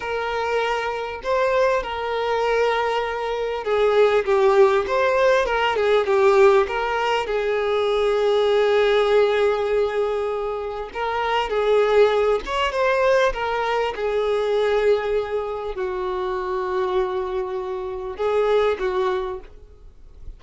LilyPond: \new Staff \with { instrumentName = "violin" } { \time 4/4 \tempo 4 = 99 ais'2 c''4 ais'4~ | ais'2 gis'4 g'4 | c''4 ais'8 gis'8 g'4 ais'4 | gis'1~ |
gis'2 ais'4 gis'4~ | gis'8 cis''8 c''4 ais'4 gis'4~ | gis'2 fis'2~ | fis'2 gis'4 fis'4 | }